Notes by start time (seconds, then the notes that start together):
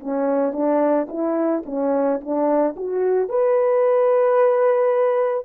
0.00 C#4
0.53 D4
1.09 E4
1.66 C#4
2.21 D4
2.77 F#4
3.29 B4